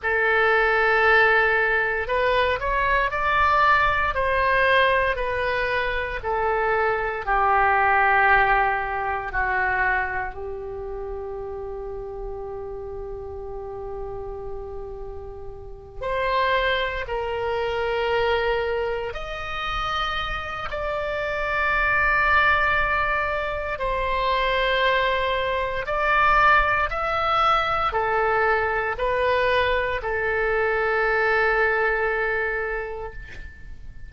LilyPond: \new Staff \with { instrumentName = "oboe" } { \time 4/4 \tempo 4 = 58 a'2 b'8 cis''8 d''4 | c''4 b'4 a'4 g'4~ | g'4 fis'4 g'2~ | g'2.~ g'8 c''8~ |
c''8 ais'2 dis''4. | d''2. c''4~ | c''4 d''4 e''4 a'4 | b'4 a'2. | }